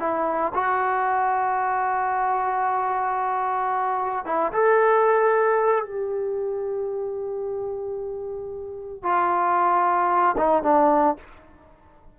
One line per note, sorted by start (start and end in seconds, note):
0.00 0.53 E4
0.55 4.26 F#4
4.26 4.53 E4
4.53 5.86 A4
5.86 9.03 G4
9.03 10.36 F4
10.38 10.64 D#4
10.64 11.17 D4